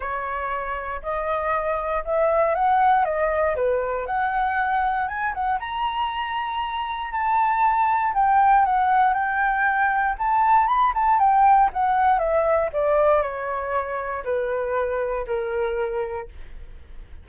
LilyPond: \new Staff \with { instrumentName = "flute" } { \time 4/4 \tempo 4 = 118 cis''2 dis''2 | e''4 fis''4 dis''4 b'4 | fis''2 gis''8 fis''8 ais''4~ | ais''2 a''2 |
g''4 fis''4 g''2 | a''4 b''8 a''8 g''4 fis''4 | e''4 d''4 cis''2 | b'2 ais'2 | }